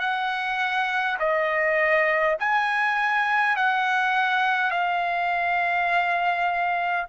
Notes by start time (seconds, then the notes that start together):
0.00 F#5
1.20 D#5
2.40 G#5
3.57 F#5
4.71 F5